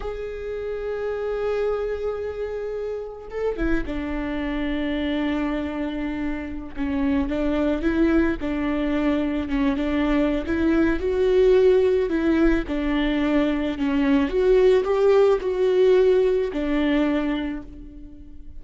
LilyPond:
\new Staff \with { instrumentName = "viola" } { \time 4/4 \tempo 4 = 109 gis'1~ | gis'2 a'8 e'8 d'4~ | d'1~ | d'16 cis'4 d'4 e'4 d'8.~ |
d'4~ d'16 cis'8 d'4~ d'16 e'4 | fis'2 e'4 d'4~ | d'4 cis'4 fis'4 g'4 | fis'2 d'2 | }